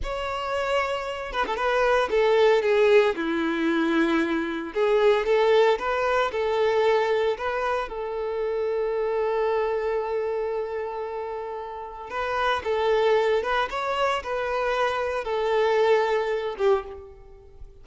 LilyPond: \new Staff \with { instrumentName = "violin" } { \time 4/4 \tempo 4 = 114 cis''2~ cis''8 b'16 a'16 b'4 | a'4 gis'4 e'2~ | e'4 gis'4 a'4 b'4 | a'2 b'4 a'4~ |
a'1~ | a'2. b'4 | a'4. b'8 cis''4 b'4~ | b'4 a'2~ a'8 g'8 | }